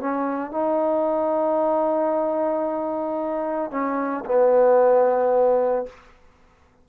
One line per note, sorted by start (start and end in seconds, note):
0.00 0.51 C#4
0.51 3.71 D#4
3.71 4.24 C#4
4.25 5.86 B3